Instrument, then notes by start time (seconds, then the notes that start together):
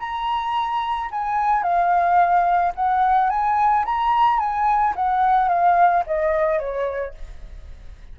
flute
0.00 A#5
1.12 G#5
1.63 F5
2.75 F#5
3.30 G#5
3.86 A#5
4.40 G#5
4.96 F#5
5.49 F5
6.07 D#5
6.60 C#5